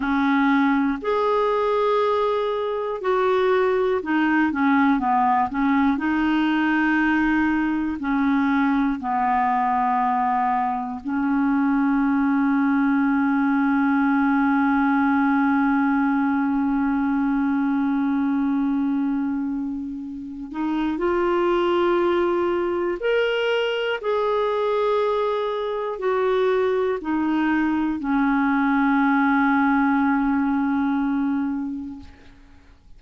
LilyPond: \new Staff \with { instrumentName = "clarinet" } { \time 4/4 \tempo 4 = 60 cis'4 gis'2 fis'4 | dis'8 cis'8 b8 cis'8 dis'2 | cis'4 b2 cis'4~ | cis'1~ |
cis'1~ | cis'8 dis'8 f'2 ais'4 | gis'2 fis'4 dis'4 | cis'1 | }